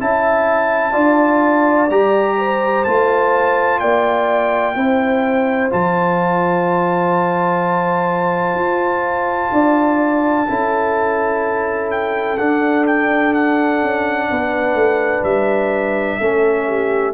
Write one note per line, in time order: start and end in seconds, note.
0.00 0.95 C#4
0.00 0.92 E4
0.00 0.93 E5
0.00 1.90 A5
0.92 1.90 D4
0.92 1.88 F4
0.92 2.36 D5
1.90 2.85 G3
1.90 2.86 G4
1.90 2.85 A#5
2.38 3.81 C5
2.85 3.82 A3
2.85 4.75 F4
2.85 3.79 A5
3.79 4.75 A#3
3.79 4.76 D5
3.79 5.70 G5
4.75 5.71 C4
4.75 5.70 E4
4.75 9.53 C5
5.70 8.54 F3
5.70 10.46 F4
5.70 11.91 A5
8.54 9.49 F4
9.52 10.47 D4
9.52 10.48 D5
10.48 12.39 C#4
10.48 12.38 E4
10.48 14.30 A4
11.91 12.38 G5
12.38 13.82 D4
12.38 16.21 D4
12.38 12.86 F#5
12.87 13.34 G5
13.34 15.24 F#5
13.82 14.30 C#4
14.31 14.74 B3
14.31 16.20 B4
14.74 15.22 A3
15.24 16.19 G3
15.24 17.14 E5
16.20 17.14 A3
16.20 17.14 C#4
16.20 16.67 A4
16.67 17.14 G4